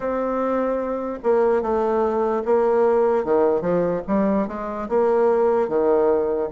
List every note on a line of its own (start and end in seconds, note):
0.00 1.18 C4
1.23 1.61 A#3
1.61 2.43 A3
2.45 3.24 A#3
3.24 3.61 D#3
3.61 4.01 F3
4.07 4.47 G3
4.47 4.88 G#3
4.89 5.68 A#3
5.68 6.49 D#3